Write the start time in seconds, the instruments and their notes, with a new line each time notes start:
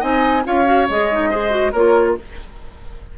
0.00 bassoon C4, clarinet D#4, oboe D#5, flute G#5
0.45 bassoon C#4, clarinet F4, oboe C#5, flute F5
0.66 clarinet F#4
0.89 bassoon G#3, clarinet G#4, flute D#5
1.12 clarinet D#4
1.30 clarinet G#4, oboe C5
1.50 clarinet F#4
1.72 bassoon A#3, clarinet F4, oboe A#4, flute C#5